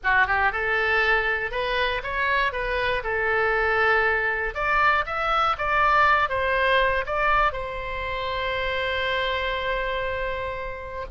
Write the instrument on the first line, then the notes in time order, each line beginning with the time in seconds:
oboe
0.03 F#4
0.26 G4
0.52 A4
1.51 B4
2.03 C#5
2.52 B4
3.03 A4
4.54 D5
5.06 E5
5.58 D5
6.29 C5
7.06 D5
7.52 C5